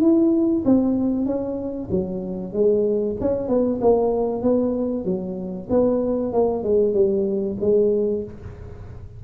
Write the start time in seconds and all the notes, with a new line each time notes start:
0.00 E4
0.65 C4
1.26 C#4
1.91 F#3
2.53 G#3
3.21 C#4
3.48 B3
3.81 A#3
4.42 B3
5.05 F#3
5.70 B3
6.33 A#3
6.63 G#3
6.94 G3
7.61 G#3